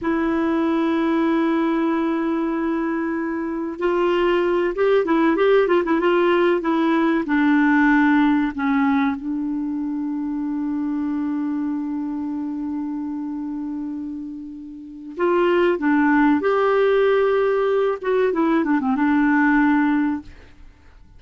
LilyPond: \new Staff \with { instrumentName = "clarinet" } { \time 4/4 \tempo 4 = 95 e'1~ | e'2 f'4. g'8 | e'8 g'8 f'16 e'16 f'4 e'4 d'8~ | d'4. cis'4 d'4.~ |
d'1~ | d'1 | f'4 d'4 g'2~ | g'8 fis'8 e'8 d'16 c'16 d'2 | }